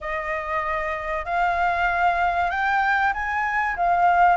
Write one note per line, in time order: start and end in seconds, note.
0.01 1.25 D#5
1.25 2.50 F5
2.50 3.12 G5
3.13 3.76 G#5
3.76 4.36 F5